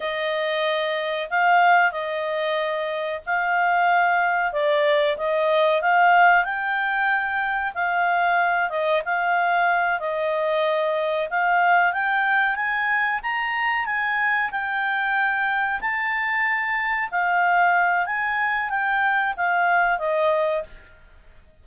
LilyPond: \new Staff \with { instrumentName = "clarinet" } { \time 4/4 \tempo 4 = 93 dis''2 f''4 dis''4~ | dis''4 f''2 d''4 | dis''4 f''4 g''2 | f''4. dis''8 f''4. dis''8~ |
dis''4. f''4 g''4 gis''8~ | gis''8 ais''4 gis''4 g''4.~ | g''8 a''2 f''4. | gis''4 g''4 f''4 dis''4 | }